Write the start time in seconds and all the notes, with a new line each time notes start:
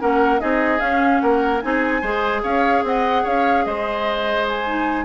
0.00 A#3 C#4 A#4 F#5
0.40 C4 D#4 G#4 D#5
0.79 C#4 F5
1.21 A#3 A#4 F#5
1.62 C4 D#4 G#4 G#5
2.02 G#3 G#4 C5
2.43 C#4 C#5 F5
2.84 C4 D#5 F#5
3.24 C#4 C#5 F5
3.65 G#3 C5 D#5
4.49 G#5
4.67 D#4